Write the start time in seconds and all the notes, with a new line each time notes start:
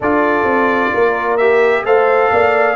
0.00 D4 F4 A4 D5
0.43 C4
0.94 A#3 A#4
1.37 G4 E5
1.84 A3 A4 C5 F5
2.31 A#3 D5